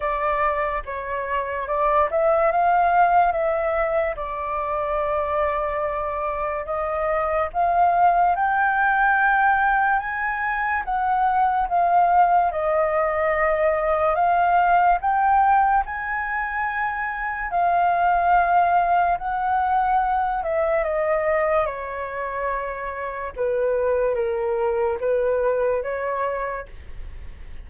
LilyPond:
\new Staff \with { instrumentName = "flute" } { \time 4/4 \tempo 4 = 72 d''4 cis''4 d''8 e''8 f''4 | e''4 d''2. | dis''4 f''4 g''2 | gis''4 fis''4 f''4 dis''4~ |
dis''4 f''4 g''4 gis''4~ | gis''4 f''2 fis''4~ | fis''8 e''8 dis''4 cis''2 | b'4 ais'4 b'4 cis''4 | }